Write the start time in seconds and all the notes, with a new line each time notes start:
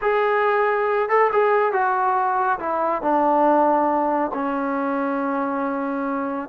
0.01 G#4
1.09 A4
1.32 G#4
1.72 F#4
2.59 E4
3.01 D4
4.33 C#4